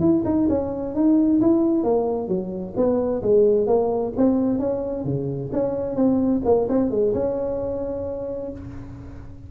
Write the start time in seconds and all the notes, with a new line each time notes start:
0.00 E4
0.25 D#4
0.49 C#4
0.95 D#4
1.41 E4
1.83 A#3
2.28 F#3
2.76 B3
3.22 G#3
3.67 A#3
4.17 C4
4.59 C#4
5.04 C#3
5.52 C#4
5.96 C4
6.45 A#3
6.69 C4
6.90 G#3
7.13 C#4